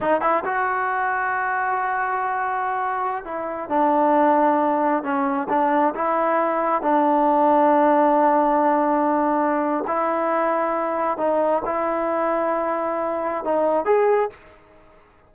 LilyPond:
\new Staff \with { instrumentName = "trombone" } { \time 4/4 \tempo 4 = 134 dis'8 e'8 fis'2.~ | fis'2.~ fis'16 e'8.~ | e'16 d'2. cis'8.~ | cis'16 d'4 e'2 d'8.~ |
d'1~ | d'2 e'2~ | e'4 dis'4 e'2~ | e'2 dis'4 gis'4 | }